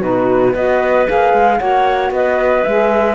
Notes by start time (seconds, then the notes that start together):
0.00 B2 D#4 F#4 B4
0.52 B3 F#4 B4 D#5
1.06 A#3 G#4 F5
1.33 G#3
1.59 A#3 F#4 C#5 F#5
2.10 B3 B4 D#5
2.64 G#3 G#4 E5